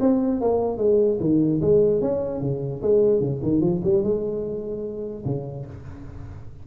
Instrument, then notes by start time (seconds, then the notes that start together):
tuba
0.00 C4
0.41 A#3
0.78 G#3
1.20 D#3
1.61 G#3
2.01 C#4
2.41 C#3
2.82 G#3
3.20 C#3
3.43 D#3
3.61 F3
3.83 G3
4.03 G#3
5.25 C#3